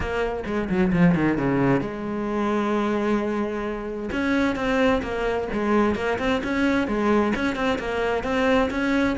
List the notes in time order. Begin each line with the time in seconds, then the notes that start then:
0.00 A#3
0.46 G#3
0.69 F#3
0.92 F3
1.14 D#3
1.37 C#3
1.80 G#3
4.12 C#4
4.55 C4
5.02 A#3
5.52 G#3
5.95 A#3
6.19 C4
6.43 C#4
6.87 G#3
7.35 C#4
7.55 C4
7.78 A#3
8.23 C4
8.70 C#4